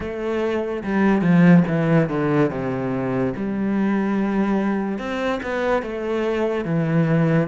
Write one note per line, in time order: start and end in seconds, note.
0.00 0.83 A3
0.83 1.21 G3
1.21 1.63 F3
1.67 2.09 E3
2.09 2.50 D3
2.50 3.33 C3
3.36 4.98 G3
4.98 5.39 C4
5.42 5.82 B3
5.82 6.64 A3
6.64 7.48 E3